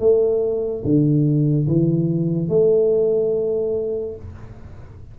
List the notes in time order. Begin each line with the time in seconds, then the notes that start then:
0.00 A3
0.84 D3
1.68 E3
2.49 A3